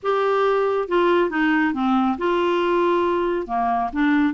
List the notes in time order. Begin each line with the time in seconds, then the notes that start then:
0.03 G4
0.88 F4
1.30 D#4
1.73 C4
2.18 F4
3.47 A#3
3.92 D4